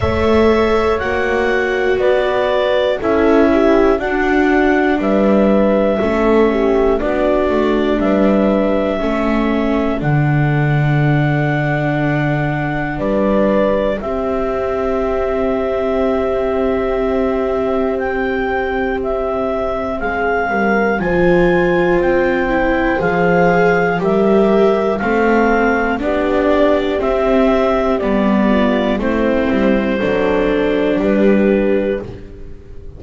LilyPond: <<
  \new Staff \with { instrumentName = "clarinet" } { \time 4/4 \tempo 4 = 60 e''4 fis''4 d''4 e''4 | fis''4 e''2 d''4 | e''2 fis''2~ | fis''4 d''4 e''2~ |
e''2 g''4 e''4 | f''4 gis''4 g''4 f''4 | e''4 f''4 d''4 e''4 | d''4 c''2 b'4 | }
  \new Staff \with { instrumentName = "horn" } { \time 4/4 cis''2 b'4 a'8 g'8 | fis'4 b'4 a'8 g'8 fis'4 | b'4 a'2.~ | a'4 b'4 g'2~ |
g'1 | gis'8 ais'8 c''2. | ais'4 a'4 g'2~ | g'8 f'8 e'4 a'4 g'4 | }
  \new Staff \with { instrumentName = "viola" } { \time 4/4 a'4 fis'2 e'4 | d'2 cis'4 d'4~ | d'4 cis'4 d'2~ | d'2 c'2~ |
c'1~ | c'4 f'4. e'8 gis'4 | g'4 c'4 d'4 c'4 | b4 c'4 d'2 | }
  \new Staff \with { instrumentName = "double bass" } { \time 4/4 a4 ais4 b4 cis'4 | d'4 g4 a4 b8 a8 | g4 a4 d2~ | d4 g4 c'2~ |
c'1 | gis8 g8 f4 c'4 f4 | g4 a4 b4 c'4 | g4 a8 g8 fis4 g4 | }
>>